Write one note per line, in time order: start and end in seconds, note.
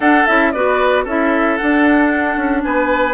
0.00 0.24 D4
0.00 0.27 D4
0.00 0.52 A4
0.00 0.26 F#5
0.26 0.54 C#4
0.26 0.53 E4
0.26 0.51 E5
0.51 1.05 B3
0.51 1.07 F#4
0.51 1.04 B4
0.51 1.04 D5
1.04 1.58 C#4
1.04 1.59 E4
1.04 2.62 A4
1.04 1.56 E5
1.56 3.13 D4
1.56 2.36 D4
1.56 2.62 F#5
2.36 2.62 C#4
2.62 3.13 B3
2.62 3.13 B4
2.62 3.13 G#5